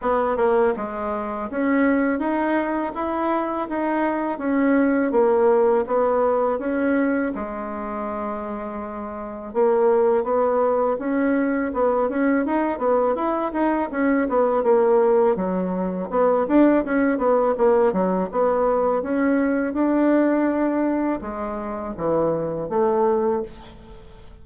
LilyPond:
\new Staff \with { instrumentName = "bassoon" } { \time 4/4 \tempo 4 = 82 b8 ais8 gis4 cis'4 dis'4 | e'4 dis'4 cis'4 ais4 | b4 cis'4 gis2~ | gis4 ais4 b4 cis'4 |
b8 cis'8 dis'8 b8 e'8 dis'8 cis'8 b8 | ais4 fis4 b8 d'8 cis'8 b8 | ais8 fis8 b4 cis'4 d'4~ | d'4 gis4 e4 a4 | }